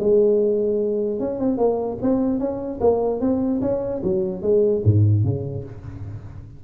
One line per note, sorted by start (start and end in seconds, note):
0.00 1.20 G#3
1.20 1.39 C#4
1.39 1.58 C4
1.58 1.98 A#3
2.02 2.40 C4
2.40 2.80 C#4
2.81 3.21 A#3
3.21 3.61 C4
3.62 4.02 C#4
4.04 4.42 F#3
4.42 4.82 G#3
4.85 5.24 G#2
5.24 5.64 C#3